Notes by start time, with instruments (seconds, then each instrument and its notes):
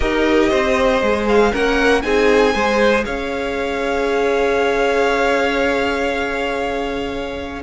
0.00 cello D#4, viola G4, violin A#4 D#5
0.49 cello C4, violin C5
1.01 cello G#3, viola G#4
1.28 violin F5
1.51 cello A#3, viola C#4, violin A#4 F#5
2.02 cello C4, viola D#4, violin G#4 G#5
2.53 cello G#3, viola G#4, violin C5
3.05 cello C#4, violin C#5 F5